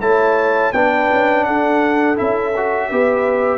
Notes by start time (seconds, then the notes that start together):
0.00 A3 E4 C#5 A5
0.72 B3 D4 B4 G5
1.11 C#4
1.44 D4 A4 F#5
2.16 C#4 E4 E5
2.56 F#4
2.89 B3 G4 B4